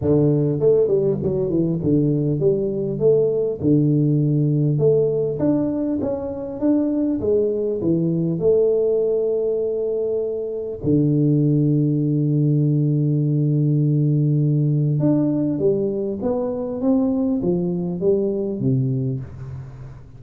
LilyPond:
\new Staff \with { instrumentName = "tuba" } { \time 4/4 \tempo 4 = 100 d4 a8 g8 fis8 e8 d4 | g4 a4 d2 | a4 d'4 cis'4 d'4 | gis4 e4 a2~ |
a2 d2~ | d1~ | d4 d'4 g4 b4 | c'4 f4 g4 c4 | }